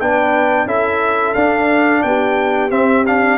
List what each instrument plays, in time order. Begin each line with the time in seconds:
0.00 tuba B3, trombone D4, horn B4, trumpet G5
0.66 tuba C#4, trombone E4, horn A4, trumpet E5
1.34 tuba D4, trombone D4, trumpet F5
2.02 tuba B3, horn G4, trumpet G5
2.70 trombone C4, tuba C4, trumpet E5
3.07 trombone D4, trumpet F5